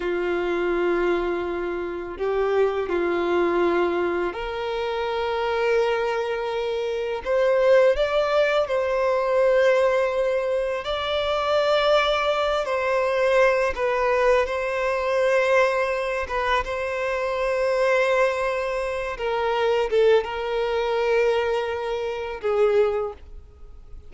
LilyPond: \new Staff \with { instrumentName = "violin" } { \time 4/4 \tempo 4 = 83 f'2. g'4 | f'2 ais'2~ | ais'2 c''4 d''4 | c''2. d''4~ |
d''4. c''4. b'4 | c''2~ c''8 b'8 c''4~ | c''2~ c''8 ais'4 a'8 | ais'2. gis'4 | }